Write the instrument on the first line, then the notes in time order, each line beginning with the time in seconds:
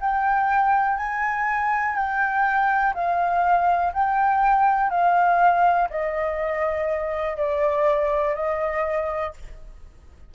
flute
0.00 G5
0.97 G#5
1.95 G5
2.94 F5
3.93 G5
4.90 F5
5.89 D#5
7.37 D5
8.35 D#5